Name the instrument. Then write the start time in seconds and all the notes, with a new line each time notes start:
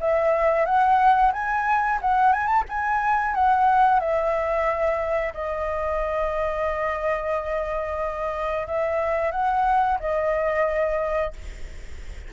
flute
0.00 E5
0.65 F#5
1.32 G#5
2.01 F#5
2.32 G#5
2.46 A5
2.68 G#5
3.34 F#5
3.99 E5
5.34 D#5
8.67 E5
9.31 F#5
9.99 D#5